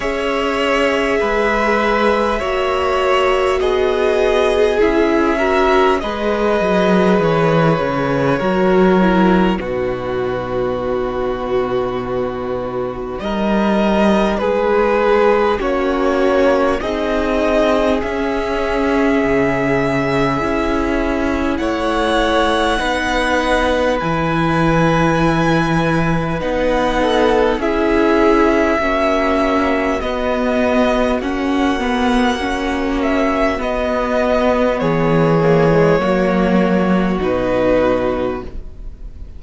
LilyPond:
<<
  \new Staff \with { instrumentName = "violin" } { \time 4/4 \tempo 4 = 50 e''2. dis''4 | e''4 dis''4 cis''2 | b'2. dis''4 | b'4 cis''4 dis''4 e''4~ |
e''2 fis''2 | gis''2 fis''4 e''4~ | e''4 dis''4 fis''4. e''8 | dis''4 cis''2 b'4 | }
  \new Staff \with { instrumentName = "violin" } { \time 4/4 cis''4 b'4 cis''4 gis'4~ | gis'8 ais'8 b'2 ais'4 | fis'2. ais'4 | gis'4 fis'4 gis'2~ |
gis'2 cis''4 b'4~ | b'2~ b'8 a'8 gis'4 | fis'1~ | fis'4 gis'4 fis'2 | }
  \new Staff \with { instrumentName = "viola" } { \time 4/4 gis'2 fis'2 | e'8 fis'8 gis'2 fis'8 e'8 | dis'1~ | dis'4 cis'4 dis'4 cis'4~ |
cis'4 e'2 dis'4 | e'2 dis'4 e'4 | cis'4 b4 cis'8 b8 cis'4 | b4. ais16 gis16 ais4 dis'4 | }
  \new Staff \with { instrumentName = "cello" } { \time 4/4 cis'4 gis4 ais4 b4 | cis'4 gis8 fis8 e8 cis8 fis4 | b,2. g4 | gis4 ais4 c'4 cis'4 |
cis4 cis'4 a4 b4 | e2 b4 cis'4 | ais4 b4 ais2 | b4 e4 fis4 b,4 | }
>>